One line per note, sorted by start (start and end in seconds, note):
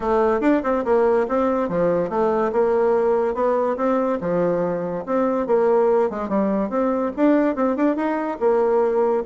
0.00 0.40 A3
0.40 0.61 D4
0.63 0.84 C4
0.84 1.26 A#3
1.28 1.69 C4
1.69 2.09 F3
2.09 2.51 A3
2.52 3.34 A#3
3.34 3.76 B3
3.76 4.18 C4
4.20 5.04 F3
5.06 5.47 C4
5.47 6.10 A#3
6.10 6.29 G#3
6.29 6.69 G3
6.69 7.11 C4
7.16 7.55 D4
7.55 7.76 C4
7.76 7.96 D4
7.96 8.38 D#4
8.39 9.23 A#3